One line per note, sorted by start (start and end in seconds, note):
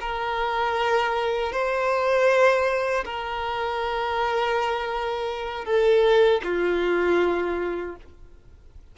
0.00 1.52 A#4
1.52 3.04 C5
3.04 5.65 A#4
5.65 6.41 A4
6.43 7.95 F4